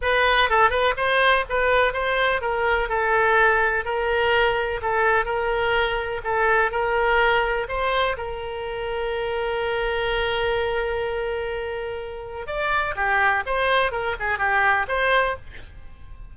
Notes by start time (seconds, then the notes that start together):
0.01 B4
0.49 A4
0.70 B4
0.96 C5
1.49 B4
1.93 C5
2.41 A#4
2.88 A4
3.84 A#4
4.82 A4
5.25 A#4
6.24 A4
6.71 A#4
7.68 C5
8.17 A#4
12.46 D5
12.95 G4
13.46 C5
13.91 A#4
14.19 G#4
14.38 G4
14.88 C5